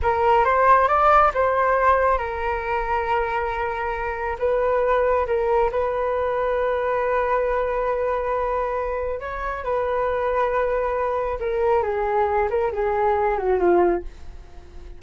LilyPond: \new Staff \with { instrumentName = "flute" } { \time 4/4 \tempo 4 = 137 ais'4 c''4 d''4 c''4~ | c''4 ais'2.~ | ais'2 b'2 | ais'4 b'2.~ |
b'1~ | b'4 cis''4 b'2~ | b'2 ais'4 gis'4~ | gis'8 ais'8 gis'4. fis'8 f'4 | }